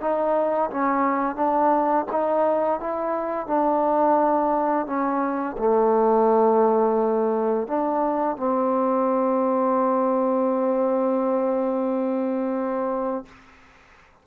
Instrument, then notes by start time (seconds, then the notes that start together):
trombone
0.00 D#4
0.70 C#4
1.35 D4
2.11 D#4
2.80 E4
3.47 D4
4.86 C#4
5.58 A3
7.67 D4
8.37 C4